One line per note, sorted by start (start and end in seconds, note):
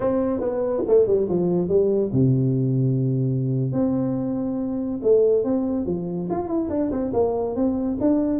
0.00 0.40 C4
0.40 0.83 B3
0.87 1.07 A3
1.07 1.28 G3
1.28 1.68 F3
1.68 2.11 G3
2.13 3.72 C3
3.72 5.00 C4
5.02 5.44 A3
5.44 5.86 C4
5.86 6.28 F3
6.30 6.47 F4
6.47 6.69 E4
6.69 6.91 D4
6.91 7.12 C4
7.13 7.55 A#3
7.55 7.98 C4
8.00 8.39 D4